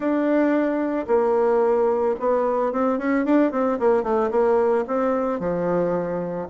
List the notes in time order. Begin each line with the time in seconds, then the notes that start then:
0.00 D4
1.07 A#3
2.19 B3
2.72 C4
2.98 C#4
3.25 D4
3.51 C4
3.79 A#3
4.03 A3
4.30 A#3
4.87 C4
5.39 F3